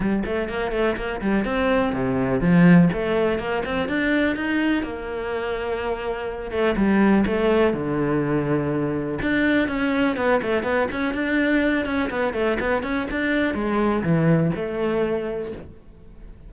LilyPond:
\new Staff \with { instrumentName = "cello" } { \time 4/4 \tempo 4 = 124 g8 a8 ais8 a8 ais8 g8 c'4 | c4 f4 a4 ais8 c'8 | d'4 dis'4 ais2~ | ais4. a8 g4 a4 |
d2. d'4 | cis'4 b8 a8 b8 cis'8 d'4~ | d'8 cis'8 b8 a8 b8 cis'8 d'4 | gis4 e4 a2 | }